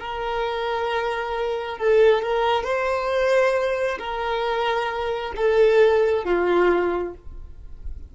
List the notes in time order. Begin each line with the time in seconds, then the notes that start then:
0.00 A#4
1.78 A4
2.23 A#4
2.64 C5
3.99 A#4
5.36 A4
6.25 F4